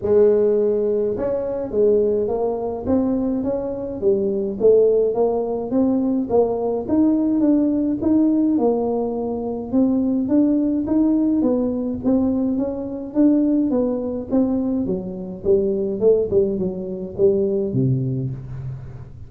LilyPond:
\new Staff \with { instrumentName = "tuba" } { \time 4/4 \tempo 4 = 105 gis2 cis'4 gis4 | ais4 c'4 cis'4 g4 | a4 ais4 c'4 ais4 | dis'4 d'4 dis'4 ais4~ |
ais4 c'4 d'4 dis'4 | b4 c'4 cis'4 d'4 | b4 c'4 fis4 g4 | a8 g8 fis4 g4 c4 | }